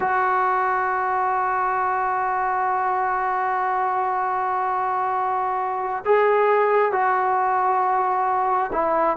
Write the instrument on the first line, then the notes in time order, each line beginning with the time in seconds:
trombone
0.00 F#4
6.05 G#4
6.92 F#4
8.72 E4